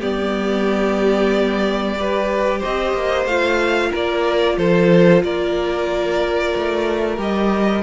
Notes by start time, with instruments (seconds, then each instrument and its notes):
0.00 cello G3, viola B3, violin G4 D5
1.97 viola G4, violin B4
2.59 cello C4, violin C5 D#5
2.93 cello A#3
3.25 cello A3, viola F4, violin F5
3.90 cello A#3, violin A#4 D5
4.57 cello F3, violin A4 C5
5.23 cello A#3, violin A#4 D5
6.56 cello A3
7.17 cello G3, viola G4, violin D#5